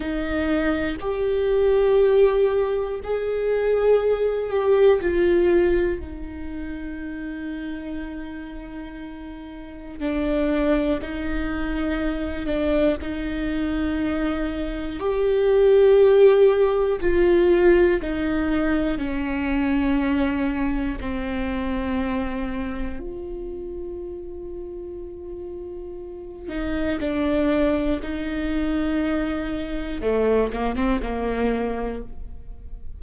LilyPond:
\new Staff \with { instrumentName = "viola" } { \time 4/4 \tempo 4 = 60 dis'4 g'2 gis'4~ | gis'8 g'8 f'4 dis'2~ | dis'2 d'4 dis'4~ | dis'8 d'8 dis'2 g'4~ |
g'4 f'4 dis'4 cis'4~ | cis'4 c'2 f'4~ | f'2~ f'8 dis'8 d'4 | dis'2 a8 ais16 c'16 ais4 | }